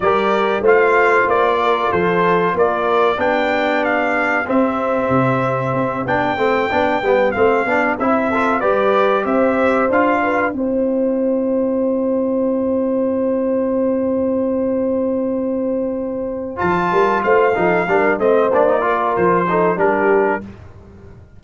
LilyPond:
<<
  \new Staff \with { instrumentName = "trumpet" } { \time 4/4 \tempo 4 = 94 d''4 f''4 d''4 c''4 | d''4 g''4 f''4 e''4~ | e''4. g''2 f''8~ | f''8 e''4 d''4 e''4 f''8~ |
f''8 g''2.~ g''8~ | g''1~ | g''2 a''4 f''4~ | f''8 dis''8 d''4 c''4 ais'4 | }
  \new Staff \with { instrumentName = "horn" } { \time 4/4 ais'4 c''4. ais'8 a'4 | ais'4 g'2.~ | g'1~ | g'4 a'8 b'4 c''4. |
b'8 c''2.~ c''8~ | c''1~ | c''2~ c''8 ais'8 c''8 a'8 | ais'8 c''4 ais'4 a'8 g'4 | }
  \new Staff \with { instrumentName = "trombone" } { \time 4/4 g'4 f'2.~ | f'4 d'2 c'4~ | c'4. d'8 c'8 d'8 b8 c'8 | d'8 e'8 f'8 g'2 f'8~ |
f'8 e'2.~ e'8~ | e'1~ | e'2 f'4. dis'8 | d'8 c'8 d'16 dis'16 f'4 dis'8 d'4 | }
  \new Staff \with { instrumentName = "tuba" } { \time 4/4 g4 a4 ais4 f4 | ais4 b2 c'4 | c4 c'8 b8 a8 b8 g8 a8 | b8 c'4 g4 c'4 d'8~ |
d'8 c'2.~ c'8~ | c'1~ | c'2 f8 g8 a8 f8 | g8 a8 ais4 f4 g4 | }
>>